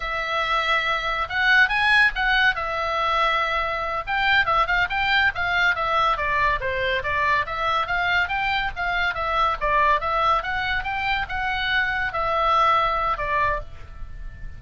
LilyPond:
\new Staff \with { instrumentName = "oboe" } { \time 4/4 \tempo 4 = 141 e''2. fis''4 | gis''4 fis''4 e''2~ | e''4. g''4 e''8 f''8 g''8~ | g''8 f''4 e''4 d''4 c''8~ |
c''8 d''4 e''4 f''4 g''8~ | g''8 f''4 e''4 d''4 e''8~ | e''8 fis''4 g''4 fis''4.~ | fis''8 e''2~ e''8 d''4 | }